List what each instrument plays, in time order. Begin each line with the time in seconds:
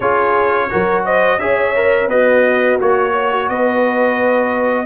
0.00 tuba C#4, trombone F4, horn G#4, trumpet C#5
0.69 tuba F#3, trombone F#4, horn A#4
1.05 horn C5, trumpet D#5
1.38 tuba C#4, trombone G#4, horn C#5, trumpet E5
1.75 trombone A#4
2.07 tuba B3, horn F#4, trombone B4, trumpet D#5
2.79 tuba A#3, trombone F#4, trumpet C#5
3.11 horn C#5
3.30 horn F#4
3.48 tuba B3, horn B4, trumpet D#5